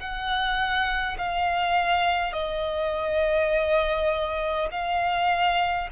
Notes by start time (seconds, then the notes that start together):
0.00 F#5
1.18 F5
2.33 D#5
4.71 F5